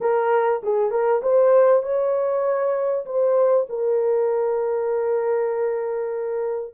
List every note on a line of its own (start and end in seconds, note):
0.01 0.62 A#4
0.63 0.90 G#4
0.90 1.21 A#4
1.22 1.82 C5
1.82 3.05 C#5
3.05 3.67 C5
3.69 6.74 A#4